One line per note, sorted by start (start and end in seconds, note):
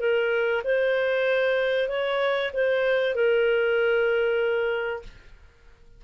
0.00 0.62 A#4
0.64 1.89 C5
1.89 2.51 C#5
2.53 3.15 C5
3.15 5.03 A#4